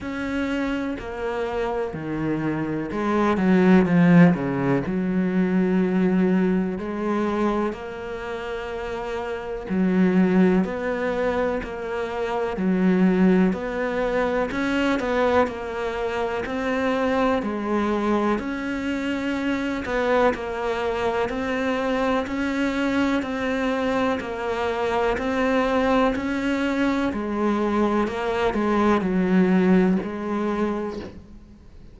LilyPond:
\new Staff \with { instrumentName = "cello" } { \time 4/4 \tempo 4 = 62 cis'4 ais4 dis4 gis8 fis8 | f8 cis8 fis2 gis4 | ais2 fis4 b4 | ais4 fis4 b4 cis'8 b8 |
ais4 c'4 gis4 cis'4~ | cis'8 b8 ais4 c'4 cis'4 | c'4 ais4 c'4 cis'4 | gis4 ais8 gis8 fis4 gis4 | }